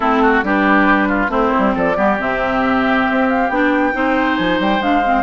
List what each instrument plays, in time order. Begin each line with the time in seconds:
0.00 bassoon A3, clarinet C4, oboe E4, flute A4
0.22 oboe F#4
0.42 bassoon G3, clarinet D4, oboe G4, flute B4
1.08 oboe F4
1.28 bassoon A3, clarinet C4, oboe E4, flute C5
1.58 bassoon G3
1.74 bassoon F3, oboe A4, flute D5
1.95 bassoon G3, clarinet B3, oboe G4
2.18 bassoon C3, clarinet C4, flute E5
3.10 bassoon C4
3.28 flute F5
3.49 bassoon B3, clarinet D4, flute G5
3.92 bassoon C4, clarinet D#4, oboe C5
4.36 bassoon F3, flute G#5
4.59 bassoon G3, flute G5
4.79 bassoon G#3, clarinet D4, flute F5
5.04 clarinet C4